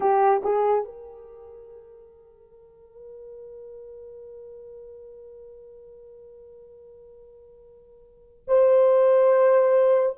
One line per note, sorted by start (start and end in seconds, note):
0.00 0.42 G4
0.43 0.84 G#4
0.84 8.44 A#4
8.47 10.16 C5